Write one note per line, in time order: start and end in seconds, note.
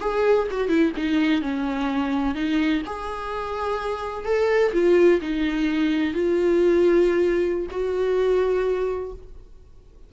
0.00 0.47 G#4
0.50 0.68 F#4
0.68 0.92 E4
0.96 1.41 D#4
1.41 2.34 C#4
2.34 2.82 D#4
2.86 4.25 G#4
4.25 4.72 A4
4.73 5.20 F4
5.21 6.13 D#4
6.13 7.67 F4
7.70 9.12 F#4